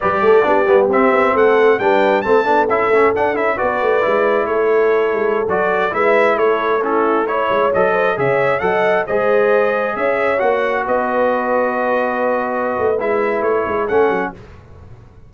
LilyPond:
<<
  \new Staff \with { instrumentName = "trumpet" } { \time 4/4 \tempo 4 = 134 d''2 e''4 fis''4 | g''4 a''4 e''4 fis''8 e''8 | d''2 cis''2~ | cis''16 d''4 e''4 cis''4 a'8.~ |
a'16 cis''4 dis''4 e''4 fis''8.~ | fis''16 dis''2 e''4 fis''8.~ | fis''16 dis''2.~ dis''8.~ | dis''4 e''4 cis''4 fis''4 | }
  \new Staff \with { instrumentName = "horn" } { \time 4/4 b'8 a'8 g'2 a'4 | b'4 a'2. | b'2 a'2~ | a'4~ a'16 b'4 a'4 e'8.~ |
e'16 cis''4. c''8 cis''4 dis''8.~ | dis''16 c''2 cis''4.~ cis''16~ | cis''16 b'2.~ b'8.~ | b'2. a'4 | }
  \new Staff \with { instrumentName = "trombone" } { \time 4/4 g'4 d'8 b8 c'2 | d'4 c'8 d'8 e'8 cis'8 d'8 e'8 | fis'4 e'2.~ | e'16 fis'4 e'2 cis'8.~ |
cis'16 e'4 a'4 gis'4 a'8.~ | a'16 gis'2. fis'8.~ | fis'1~ | fis'4 e'2 cis'4 | }
  \new Staff \with { instrumentName = "tuba" } { \time 4/4 g8 a8 b8 g8 c'8 b8 a4 | g4 a8 b8 cis'8 a8 d'8 cis'8 | b8 a8 gis4 a4. gis8~ | gis16 fis4 gis4 a4.~ a16~ |
a8. gis8 fis4 cis4 fis8.~ | fis16 gis2 cis'4 ais8.~ | ais16 b2.~ b8.~ | b8 a8 gis4 a8 gis8 a8 fis8 | }
>>